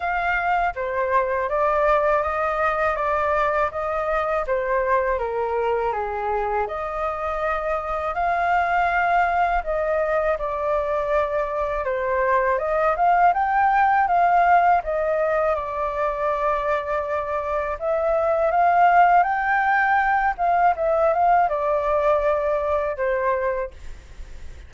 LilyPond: \new Staff \with { instrumentName = "flute" } { \time 4/4 \tempo 4 = 81 f''4 c''4 d''4 dis''4 | d''4 dis''4 c''4 ais'4 | gis'4 dis''2 f''4~ | f''4 dis''4 d''2 |
c''4 dis''8 f''8 g''4 f''4 | dis''4 d''2. | e''4 f''4 g''4. f''8 | e''8 f''8 d''2 c''4 | }